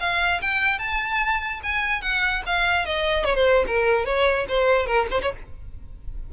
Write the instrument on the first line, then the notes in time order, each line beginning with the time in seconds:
violin
0.00 F5
0.41 G5
0.78 A5
1.63 G#5
2.02 F#5
2.46 F5
2.86 D#5
3.25 C#5
3.35 C5
3.67 A#4
4.05 C#5
4.48 C5
4.86 A#4
5.11 C5
5.22 C#5